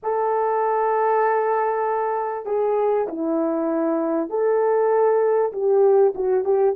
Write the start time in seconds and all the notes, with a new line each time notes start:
0.03 A4
2.45 G#4
3.08 E4
4.29 A4
5.52 G4
6.14 F#4
6.44 G4